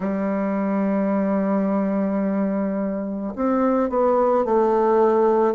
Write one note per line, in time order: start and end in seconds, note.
0.00 3.33 G3
3.35 3.89 C4
3.89 4.44 B3
4.44 5.54 A3